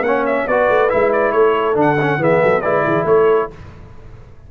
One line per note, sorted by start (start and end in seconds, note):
0.00 0.43 A#3
0.00 0.49 C#4
0.00 0.48 C#5
0.00 0.25 F#5
0.26 0.47 E5
0.47 0.69 B3
0.47 0.89 F#4
0.47 1.34 B4
0.47 0.90 D5
0.69 0.91 A3
0.89 1.33 G#3
0.89 1.74 E4
0.89 1.11 E5
1.12 1.32 D5
1.32 1.76 A3
1.32 2.20 A4
1.32 1.75 C#5
1.74 2.18 D3
1.74 1.96 D4
1.81 2.23 F#5
2.01 2.18 C#4
2.18 2.40 E3
2.18 2.62 B3
2.18 2.41 G#4
2.18 2.61 E5
2.41 2.64 F#3
2.41 2.62 A4
2.61 2.86 G#3
2.61 3.50 E4
2.61 2.83 B4
2.61 3.04 D5
2.84 3.04 E3
2.84 3.06 G#4
3.04 3.48 A3
3.04 3.51 A4
3.04 3.50 C#5